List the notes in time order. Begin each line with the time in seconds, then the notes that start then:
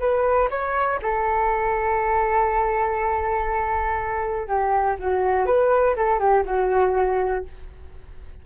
0.00 B4
0.51 C#5
1.02 A4
4.48 G4
5.00 F#4
5.47 B4
5.96 A4
6.20 G4
6.46 F#4